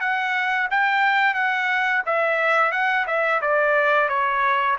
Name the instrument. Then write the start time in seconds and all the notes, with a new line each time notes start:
trumpet
0.00 F#5
0.71 G5
1.34 F#5
2.06 E5
2.72 F#5
3.07 E5
3.42 D5
4.08 C#5